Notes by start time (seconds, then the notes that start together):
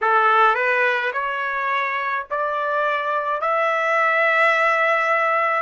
0.01 A4
0.55 B4
1.13 C#5
2.30 D5
3.41 E5